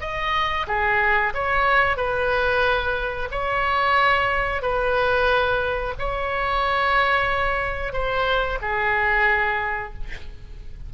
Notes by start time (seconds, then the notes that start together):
0.00 D#5
0.67 G#4
1.34 C#5
1.97 B4
3.31 C#5
4.62 B4
5.99 C#5
7.92 C5
8.61 G#4